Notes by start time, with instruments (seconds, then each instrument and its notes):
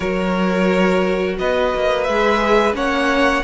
0.00 cello F#3, viola F#4, violin A#4 C#5
1.38 cello B3, violin B4 D#5
1.75 cello A#3
2.03 cello G#3, viola G#4, violin E5
2.73 cello A#3, viola C#4, violin C#5 F#5